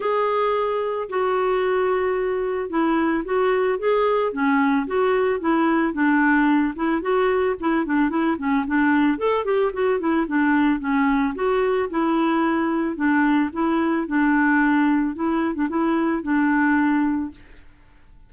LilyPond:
\new Staff \with { instrumentName = "clarinet" } { \time 4/4 \tempo 4 = 111 gis'2 fis'2~ | fis'4 e'4 fis'4 gis'4 | cis'4 fis'4 e'4 d'4~ | d'8 e'8 fis'4 e'8 d'8 e'8 cis'8 |
d'4 a'8 g'8 fis'8 e'8 d'4 | cis'4 fis'4 e'2 | d'4 e'4 d'2 | e'8. d'16 e'4 d'2 | }